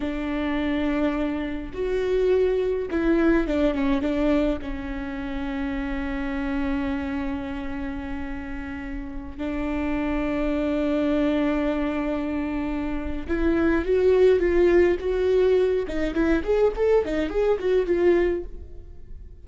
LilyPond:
\new Staff \with { instrumentName = "viola" } { \time 4/4 \tempo 4 = 104 d'2. fis'4~ | fis'4 e'4 d'8 cis'8 d'4 | cis'1~ | cis'1~ |
cis'16 d'2.~ d'8.~ | d'2. e'4 | fis'4 f'4 fis'4. dis'8 | e'8 gis'8 a'8 dis'8 gis'8 fis'8 f'4 | }